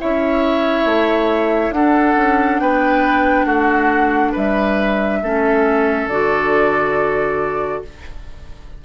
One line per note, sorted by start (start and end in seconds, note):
0.00 0.85 C#4
0.00 1.74 E4
0.00 1.75 C#5
0.00 1.73 E5
0.85 1.71 A3
1.71 2.14 D4
1.71 5.22 D4
1.71 2.61 A4
1.71 2.59 F#5
2.16 2.60 C#4
2.59 3.45 B3
2.59 3.46 B4
2.59 3.45 G5
3.45 4.32 A3
3.45 4.32 F#4
3.45 4.32 F#5
4.32 5.22 G3
4.32 5.19 B4
4.32 6.09 E5
5.22 6.07 A3
5.22 6.11 C#4
5.22 7.84 A4
6.07 7.81 D3
6.07 7.85 F#4
6.07 7.82 D5